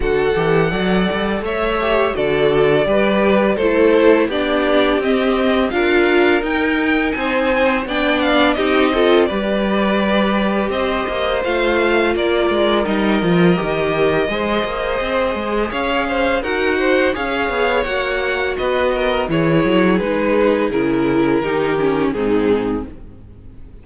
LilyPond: <<
  \new Staff \with { instrumentName = "violin" } { \time 4/4 \tempo 4 = 84 fis''2 e''4 d''4~ | d''4 c''4 d''4 dis''4 | f''4 g''4 gis''4 g''8 f''8 | dis''4 d''2 dis''4 |
f''4 d''4 dis''2~ | dis''2 f''4 fis''4 | f''4 fis''4 dis''4 cis''4 | b'4 ais'2 gis'4 | }
  \new Staff \with { instrumentName = "violin" } { \time 4/4 a'4 d''4 cis''4 a'4 | b'4 a'4 g'2 | ais'2 c''4 d''4 | g'8 a'8 b'2 c''4~ |
c''4 ais'2. | c''2 cis''8 c''8 ais'8 c''8 | cis''2 b'8 ais'8 gis'4~ | gis'2 g'4 dis'4 | }
  \new Staff \with { instrumentName = "viola" } { \time 4/4 fis'8 g'8 a'4. g'8 fis'4 | g'4 e'4 d'4 c'4 | f'4 dis'2 d'4 | dis'8 f'8 g'2. |
f'2 dis'8 f'8 g'4 | gis'2. fis'4 | gis'4 fis'2 e'4 | dis'4 e'4 dis'8 cis'8 c'4 | }
  \new Staff \with { instrumentName = "cello" } { \time 4/4 d8 e8 fis8 g8 a4 d4 | g4 a4 b4 c'4 | d'4 dis'4 c'4 b4 | c'4 g2 c'8 ais8 |
a4 ais8 gis8 g8 f8 dis4 | gis8 ais8 c'8 gis8 cis'4 dis'4 | cis'8 b8 ais4 b4 e8 fis8 | gis4 cis4 dis4 gis,4 | }
>>